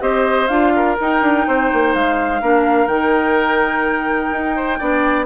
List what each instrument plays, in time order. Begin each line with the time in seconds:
0.00 bassoon C4, clarinet G4, oboe C5, flute D#5
0.48 bassoon D4, clarinet F4, flute F5
0.76 oboe A#4
1.01 bassoon D#4, clarinet D#4, flute G5
1.22 bassoon D4
1.47 bassoon C4, oboe C5
1.73 bassoon A#3
1.94 bassoon G#3, flute F5
2.41 bassoon A#3, clarinet D4, oboe A#4
2.87 bassoon D#3, clarinet D#4, flute G5
4.32 bassoon D#4
4.56 oboe C5
4.79 bassoon B3, clarinet D4, oboe D5